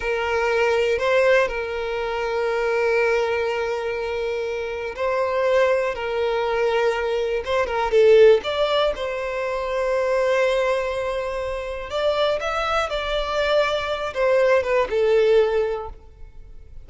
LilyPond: \new Staff \with { instrumentName = "violin" } { \time 4/4 \tempo 4 = 121 ais'2 c''4 ais'4~ | ais'1~ | ais'2 c''2 | ais'2. c''8 ais'8 |
a'4 d''4 c''2~ | c''1 | d''4 e''4 d''2~ | d''8 c''4 b'8 a'2 | }